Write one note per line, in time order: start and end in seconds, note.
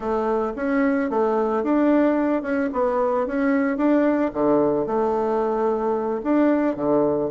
0.00 0.53 A3
0.56 1.10 C#4
1.10 1.63 A3
1.63 2.42 D4
2.42 2.69 C#4
2.72 3.27 B3
3.27 3.77 C#4
3.77 4.31 D4
4.33 4.86 D3
4.86 6.21 A3
6.23 6.76 D4
6.76 7.30 D3